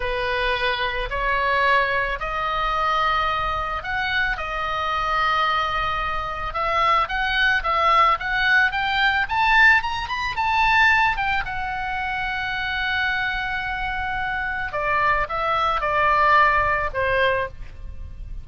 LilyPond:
\new Staff \with { instrumentName = "oboe" } { \time 4/4 \tempo 4 = 110 b'2 cis''2 | dis''2. fis''4 | dis''1 | e''4 fis''4 e''4 fis''4 |
g''4 a''4 ais''8 b''8 a''4~ | a''8 g''8 fis''2.~ | fis''2. d''4 | e''4 d''2 c''4 | }